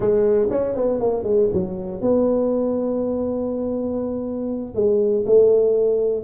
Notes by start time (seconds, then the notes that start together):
0.00 G#3
0.50 C#4
0.75 B3
1.00 A#3
1.23 G#3
1.53 F#3
2.01 B3
4.75 G#3
5.26 A3